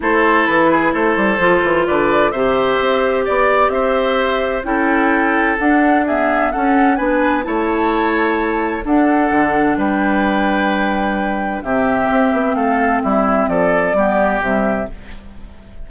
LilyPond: <<
  \new Staff \with { instrumentName = "flute" } { \time 4/4 \tempo 4 = 129 c''4 b'4 c''2 | d''4 e''2 d''4 | e''2 g''2 | fis''4 e''4 fis''4 gis''4 |
a''2. fis''4~ | fis''4 g''2.~ | g''4 e''2 f''4 | e''4 d''2 e''4 | }
  \new Staff \with { instrumentName = "oboe" } { \time 4/4 a'4. gis'8 a'2 | b'4 c''2 d''4 | c''2 a'2~ | a'4 gis'4 a'4 b'4 |
cis''2. a'4~ | a'4 b'2.~ | b'4 g'2 a'4 | e'4 a'4 g'2 | }
  \new Staff \with { instrumentName = "clarinet" } { \time 4/4 e'2. f'4~ | f'4 g'2.~ | g'2 e'2 | d'4 b4 cis'4 d'4 |
e'2. d'4~ | d'1~ | d'4 c'2.~ | c'2 b4 g4 | }
  \new Staff \with { instrumentName = "bassoon" } { \time 4/4 a4 e4 a8 g8 f8 e8 | d4 c4 c'4 b4 | c'2 cis'2 | d'2 cis'4 b4 |
a2. d'4 | d4 g2.~ | g4 c4 c'8 b8 a4 | g4 f4 g4 c4 | }
>>